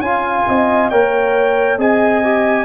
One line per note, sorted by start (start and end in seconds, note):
0.00 0.44 C#4
0.00 0.92 F4
0.00 0.49 F5
0.00 0.90 G#5
0.49 0.92 C4
0.49 0.92 D#5
0.90 1.78 A#3
0.90 1.79 A#4
0.90 1.79 C#5
0.90 1.78 G5
1.78 2.65 C4
1.78 2.23 G#4
1.78 2.65 D#5
1.78 2.65 G#5
2.24 2.65 G4